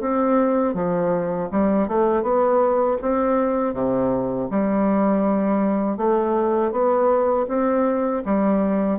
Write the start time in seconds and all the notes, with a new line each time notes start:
0.00 C4
0.74 F3
1.51 G3
1.88 A3
2.22 B3
3.01 C4
3.73 C3
4.50 G3
5.97 A3
6.71 B3
7.47 C4
8.25 G3